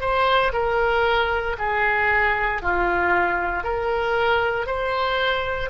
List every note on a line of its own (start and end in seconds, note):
0.00 0.52 C5
0.53 1.56 A#4
1.58 2.61 G#4
2.61 3.63 F4
3.63 4.66 A#4
4.66 5.69 C5